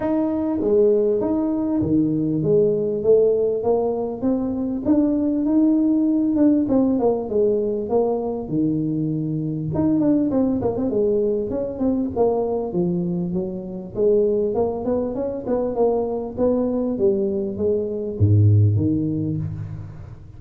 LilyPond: \new Staff \with { instrumentName = "tuba" } { \time 4/4 \tempo 4 = 99 dis'4 gis4 dis'4 dis4 | gis4 a4 ais4 c'4 | d'4 dis'4. d'8 c'8 ais8 | gis4 ais4 dis2 |
dis'8 d'8 c'8 ais16 c'16 gis4 cis'8 c'8 | ais4 f4 fis4 gis4 | ais8 b8 cis'8 b8 ais4 b4 | g4 gis4 gis,4 dis4 | }